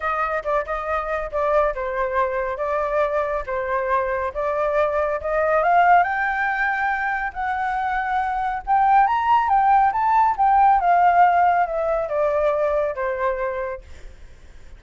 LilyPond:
\new Staff \with { instrumentName = "flute" } { \time 4/4 \tempo 4 = 139 dis''4 d''8 dis''4. d''4 | c''2 d''2 | c''2 d''2 | dis''4 f''4 g''2~ |
g''4 fis''2. | g''4 ais''4 g''4 a''4 | g''4 f''2 e''4 | d''2 c''2 | }